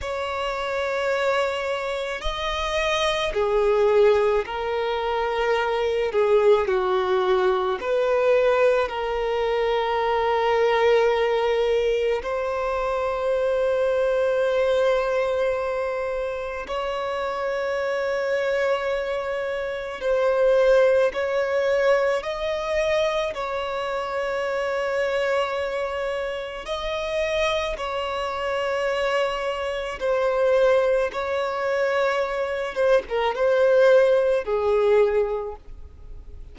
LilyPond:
\new Staff \with { instrumentName = "violin" } { \time 4/4 \tempo 4 = 54 cis''2 dis''4 gis'4 | ais'4. gis'8 fis'4 b'4 | ais'2. c''4~ | c''2. cis''4~ |
cis''2 c''4 cis''4 | dis''4 cis''2. | dis''4 cis''2 c''4 | cis''4. c''16 ais'16 c''4 gis'4 | }